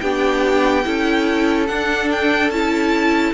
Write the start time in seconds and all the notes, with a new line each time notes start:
0.00 B3 D4 G4 G5
0.84 C#4 E4 A4
1.67 D4 F#5
2.12 G5
2.50 C#4 E4 A5